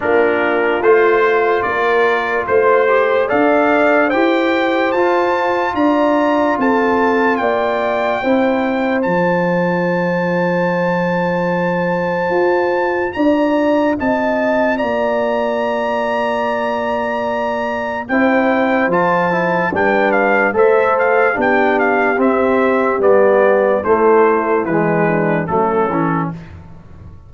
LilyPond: <<
  \new Staff \with { instrumentName = "trumpet" } { \time 4/4 \tempo 4 = 73 ais'4 c''4 d''4 c''4 | f''4 g''4 a''4 ais''4 | a''4 g''2 a''4~ | a''1 |
ais''4 a''4 ais''2~ | ais''2 g''4 a''4 | g''8 f''8 e''8 f''8 g''8 f''8 e''4 | d''4 c''4 b'4 a'4 | }
  \new Staff \with { instrumentName = "horn" } { \time 4/4 f'2 ais'4 c''4 | d''4 c''2 d''4 | a'4 d''4 c''2~ | c''1 |
d''4 dis''4 d''2~ | d''2 c''2 | b'4 c''4 g'2~ | g'4 e'4. d'8 cis'4 | }
  \new Staff \with { instrumentName = "trombone" } { \time 4/4 d'4 f'2~ f'8 g'8 | a'4 g'4 f'2~ | f'2 e'4 f'4~ | f'1~ |
f'1~ | f'2 e'4 f'8 e'8 | d'4 a'4 d'4 c'4 | b4 a4 gis4 a8 cis'8 | }
  \new Staff \with { instrumentName = "tuba" } { \time 4/4 ais4 a4 ais4 a4 | d'4 e'4 f'4 d'4 | c'4 ais4 c'4 f4~ | f2. f'4 |
d'4 c'4 ais2~ | ais2 c'4 f4 | g4 a4 b4 c'4 | g4 a4 e4 fis8 e8 | }
>>